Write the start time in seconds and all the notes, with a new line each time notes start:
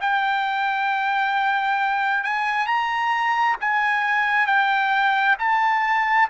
0.00 G5
2.23 G#5
2.66 A#5
3.61 G#5
4.46 G5
5.39 A5